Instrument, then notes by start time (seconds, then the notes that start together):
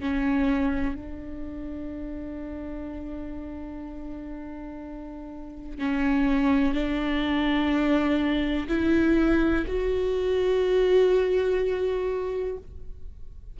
viola
0.00 C#4
0.95 D4
5.79 C#4
6.74 D4
8.68 E4
9.67 F#4